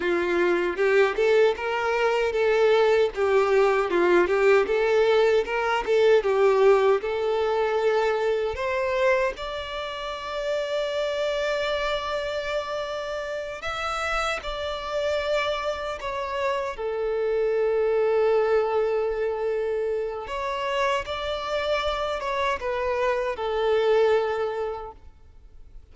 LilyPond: \new Staff \with { instrumentName = "violin" } { \time 4/4 \tempo 4 = 77 f'4 g'8 a'8 ais'4 a'4 | g'4 f'8 g'8 a'4 ais'8 a'8 | g'4 a'2 c''4 | d''1~ |
d''4. e''4 d''4.~ | d''8 cis''4 a'2~ a'8~ | a'2 cis''4 d''4~ | d''8 cis''8 b'4 a'2 | }